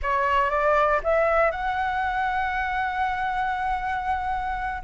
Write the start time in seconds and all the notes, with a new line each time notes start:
0.02 C#5
0.49 D5
1.03 E5
1.51 F#5